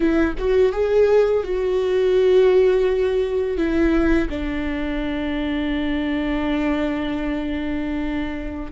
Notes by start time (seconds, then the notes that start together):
0.00 E4
0.38 F#4
0.72 G#4
1.43 F#4
3.57 E4
4.29 D4